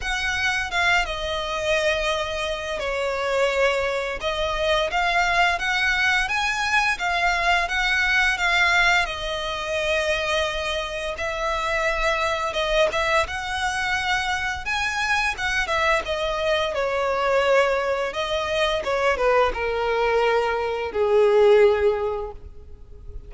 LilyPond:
\new Staff \with { instrumentName = "violin" } { \time 4/4 \tempo 4 = 86 fis''4 f''8 dis''2~ dis''8 | cis''2 dis''4 f''4 | fis''4 gis''4 f''4 fis''4 | f''4 dis''2. |
e''2 dis''8 e''8 fis''4~ | fis''4 gis''4 fis''8 e''8 dis''4 | cis''2 dis''4 cis''8 b'8 | ais'2 gis'2 | }